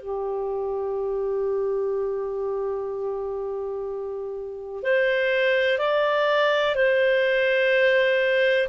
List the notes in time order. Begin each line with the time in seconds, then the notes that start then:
0.00 G4
4.83 C5
5.79 D5
6.75 C5